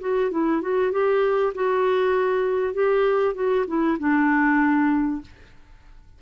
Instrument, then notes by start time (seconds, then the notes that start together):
clarinet
0.00 F#4
0.31 E4
0.61 F#4
0.92 G4
1.54 F#4
2.74 G4
3.35 F#4
3.67 E4
3.99 D4